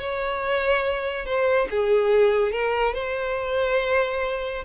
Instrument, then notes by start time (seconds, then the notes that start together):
violin
0.00 C#5
1.26 C5
1.71 G#4
2.52 A#4
2.95 C5